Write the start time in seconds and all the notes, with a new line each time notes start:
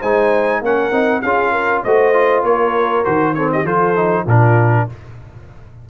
0.00 G#3 D#4 C5 G#5
0.61 A#3 C#4 A#4 F#5
0.92 C4 D#4
1.22 C#4 F4 G#4 F5
1.52 A#4
1.84 A3 F#4 C5 D#5
2.14 F4
2.44 A#3 A#4 C#5
3.05 D#3 F#4 C5
3.35 C4 A4 C#5
3.52 G4 D#5
3.64 F3 F4 A4 C5
3.96 D#4
4.25 A#2 D4 F4 A#4